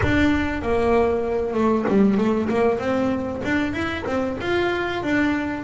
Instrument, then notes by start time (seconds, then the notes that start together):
double bass
0.02 D4
0.61 A#3
1.53 A3
1.88 G3
2.17 A3
2.49 A#3
2.78 C4
3.44 D4
3.73 E4
4.06 C4
4.40 F4
5.02 D4